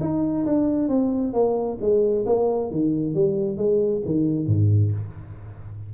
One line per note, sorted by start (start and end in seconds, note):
0.00 0.45 D#4
0.45 0.88 D4
0.88 1.33 C4
1.33 1.78 A#3
1.81 2.25 G#3
2.26 2.70 A#3
2.71 3.14 D#3
3.14 3.57 G3
3.57 4.02 G#3
4.05 4.46 D#3
4.46 4.91 G#2